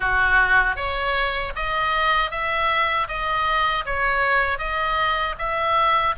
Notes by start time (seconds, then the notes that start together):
0.00 F#4
0.76 C#5
1.55 D#5
2.30 E5
3.08 D#5
3.85 C#5
4.58 D#5
5.38 E5